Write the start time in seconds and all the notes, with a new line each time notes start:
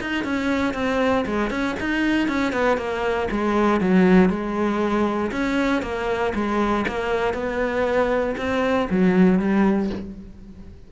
0.00 D#4
0.24 C#4
0.73 C4
1.25 G#3
1.50 C#4
1.79 D#4
2.28 C#4
2.52 B3
2.77 A#3
3.31 G#3
3.80 F#3
4.29 G#3
5.31 C#4
5.82 A#3
6.34 G#3
6.87 A#3
7.33 B3
8.37 C4
8.90 F#3
9.38 G3